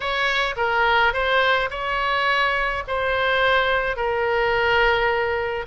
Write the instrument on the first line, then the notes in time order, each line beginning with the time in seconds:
oboe
0.00 C#5
0.56 A#4
1.13 C5
1.70 C#5
2.87 C5
3.96 A#4